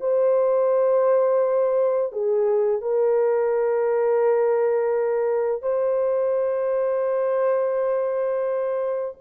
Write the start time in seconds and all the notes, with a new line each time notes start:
0.00 C5
2.12 G#4
2.81 A#4
5.62 C5